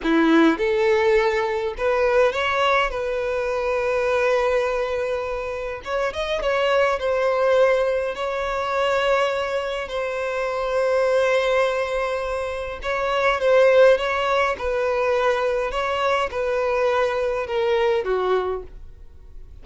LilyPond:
\new Staff \with { instrumentName = "violin" } { \time 4/4 \tempo 4 = 103 e'4 a'2 b'4 | cis''4 b'2.~ | b'2 cis''8 dis''8 cis''4 | c''2 cis''2~ |
cis''4 c''2.~ | c''2 cis''4 c''4 | cis''4 b'2 cis''4 | b'2 ais'4 fis'4 | }